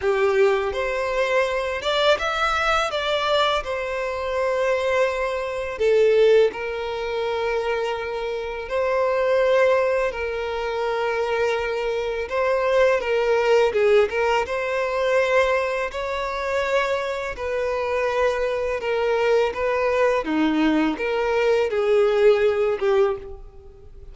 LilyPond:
\new Staff \with { instrumentName = "violin" } { \time 4/4 \tempo 4 = 83 g'4 c''4. d''8 e''4 | d''4 c''2. | a'4 ais'2. | c''2 ais'2~ |
ais'4 c''4 ais'4 gis'8 ais'8 | c''2 cis''2 | b'2 ais'4 b'4 | dis'4 ais'4 gis'4. g'8 | }